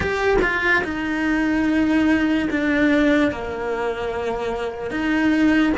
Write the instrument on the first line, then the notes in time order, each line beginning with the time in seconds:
cello
0.00 G4
0.41 F4
0.84 D#4
2.50 D4
3.31 A#3
4.90 D#4